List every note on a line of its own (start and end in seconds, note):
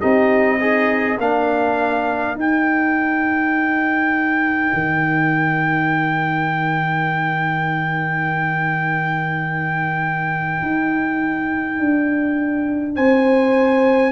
0.00 1.19 C4
0.00 0.60 D#4
0.00 0.59 G4
0.00 1.18 D#5
0.60 1.19 D#4
0.60 1.19 G#4
1.19 2.36 A#3
1.19 2.37 D4
1.19 12.95 A#4
1.19 2.38 F5
2.36 4.71 D#4
2.36 14.12 D#4
2.36 12.96 G5
4.74 10.62 D#3
10.62 11.79 D#4
11.80 12.97 D4
12.96 14.12 C4
12.96 14.12 C5
12.96 14.12 G#5